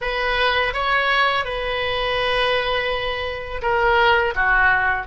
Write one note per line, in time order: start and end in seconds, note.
0.01 0.73 B4
0.73 1.45 C#5
1.45 3.61 B4
3.61 4.34 A#4
4.35 5.06 F#4